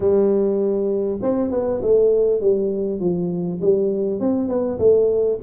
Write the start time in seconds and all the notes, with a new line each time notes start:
0.00 G3
1.22 C4
1.50 B3
1.81 A3
2.41 G3
2.99 F3
3.61 G3
4.20 C4
4.48 B3
4.78 A3